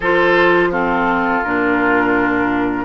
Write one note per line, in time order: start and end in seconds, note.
0.00 1.41 F3
0.00 0.72 F4
0.00 0.69 A4
0.00 0.72 C5
0.71 1.43 C4
0.71 2.84 F4
0.71 1.43 A4
1.43 2.84 A#2
1.43 2.84 D4
1.43 2.84 A#4